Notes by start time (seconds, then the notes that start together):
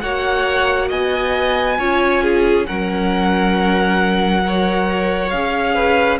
0.00 A#3 F#4 C#5 F#5
0.88 B3 D#5 G#5
1.78 C#4 F4 C#5
2.22 G#4
2.65 F#3 C#4 A#4 F#5
4.41 A#4 C#5
5.30 C#4 G#4 F5
5.74 B4